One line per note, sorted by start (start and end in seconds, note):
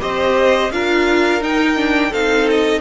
0.00 0.71 C4
0.00 0.71 G4
0.00 0.72 C5
0.00 0.72 D#5
0.71 1.41 D4
0.71 1.41 F4
0.71 2.10 A#4
0.71 1.42 F5
1.41 2.12 D#4
1.41 1.76 D#4
1.41 2.13 G5
1.76 2.12 D4
2.10 2.81 C4
2.10 2.81 D#4
2.10 2.81 A4
2.10 2.48 F5
2.50 2.81 D#5